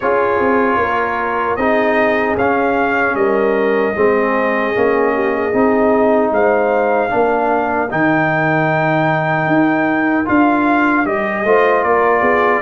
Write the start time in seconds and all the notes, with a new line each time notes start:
0.00 C#4 F4 G#4 C#5
0.39 C4
0.76 A#3 A#4
1.56 C4 D#4 G#4 D#5
2.36 C#4 F5
3.14 G3 A#4 D#5
3.95 G#3 C4 G#4
4.74 A#3 C#4
5.14 G4
5.33 G#4
5.53 C4 D#4
6.31 G#3 C5 F5
7.09 A#3 D4 A#4
7.90 D#3 D#4 G5
9.47 D#4
10.25 D4 F4 F5
11.04 G3 G4 D#5
11.44 A3 F4 C5
11.83 A#3 A#4 D5
12.21 B3 G#4